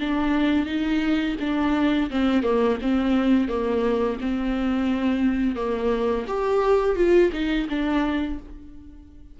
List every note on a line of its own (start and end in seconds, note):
0.00 0.66 D4
0.66 1.36 D#4
1.40 2.10 D4
2.10 2.43 C4
2.43 2.78 A#3
2.82 3.49 C4
3.49 4.18 A#3
4.21 5.56 C4
5.56 6.25 A#3
6.27 6.96 G4
6.96 7.31 F4
7.33 7.67 D#4
7.69 8.39 D4